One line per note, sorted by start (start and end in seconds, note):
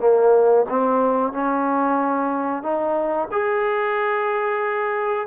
0.00 0.66 A#3
0.69 1.32 C4
1.32 2.63 C#4
2.63 3.29 D#4
3.32 5.27 G#4